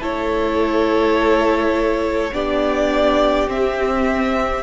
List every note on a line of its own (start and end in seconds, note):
0.00 2.31 A3
0.00 2.32 E4
0.00 2.32 A4
0.00 2.34 C#5
2.33 3.48 B3
2.33 3.48 D4
2.33 4.64 G4
2.33 3.50 D5
3.48 4.63 C4
3.48 4.64 C4
3.48 4.64 E5